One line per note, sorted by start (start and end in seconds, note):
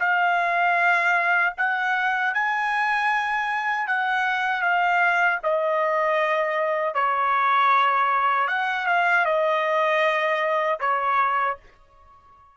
0.00 1.54 F5
1.57 2.34 F#5
2.34 3.87 G#5
3.87 4.62 F#5
4.62 5.39 F5
5.43 6.95 D#5
6.95 8.48 C#5
8.48 8.87 F#5
8.87 9.26 F5
9.26 10.79 D#5
10.80 11.57 C#5